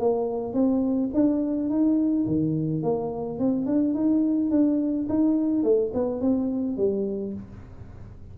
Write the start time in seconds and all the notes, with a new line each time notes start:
0.00 A#3
0.54 C4
1.14 D4
1.70 D#4
2.27 D#3
2.83 A#3
3.39 C4
3.66 D4
3.94 D#4
4.51 D4
5.09 D#4
5.64 A3
5.94 B3
6.21 C4
6.77 G3